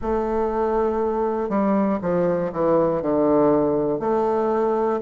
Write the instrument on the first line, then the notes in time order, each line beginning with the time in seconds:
bassoon
0.01 A3
1.49 G3
2.01 F3
2.52 E3
3.02 D3
4.00 A3